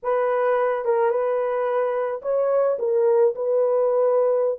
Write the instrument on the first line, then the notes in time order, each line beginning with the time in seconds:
horn
0.02 B4
0.85 A#4
1.10 B4
2.22 C#5
2.79 A#4
3.35 B4